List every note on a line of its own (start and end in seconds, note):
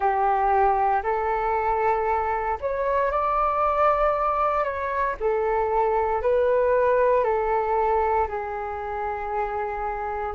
0.00 1.02 G4
1.03 2.58 A4
2.60 3.11 C#5
3.11 4.64 D5
4.64 5.15 C#5
5.20 6.22 A4
6.22 7.24 B4
7.24 8.27 A4
8.28 10.34 G#4